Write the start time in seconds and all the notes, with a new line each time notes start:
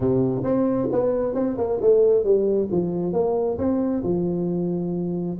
0.00 C3
0.43 C4
0.92 B3
1.34 C4
1.57 A#3
1.81 A3
2.24 G3
2.71 F3
3.12 A#3
3.58 C4
4.03 F3